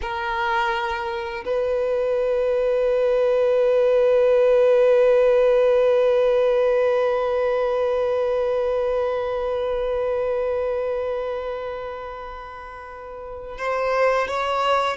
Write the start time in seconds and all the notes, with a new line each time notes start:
0.01 A#4
1.45 B4
13.57 C5
14.27 C#5